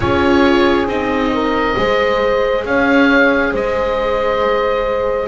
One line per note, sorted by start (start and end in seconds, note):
0.00 0.86 C#4
0.00 0.87 F4
0.00 1.33 G#4
0.00 0.87 C#5
0.86 1.74 C4
0.86 1.76 D#4
0.86 2.65 D#5
1.33 1.77 A#4
1.77 2.64 G#3
1.77 5.27 G#4
1.77 2.66 C5
2.64 3.53 C#4
2.64 3.52 C#5
2.64 3.53 F5
3.52 5.27 G#3
3.52 5.27 C5
3.52 5.27 D#5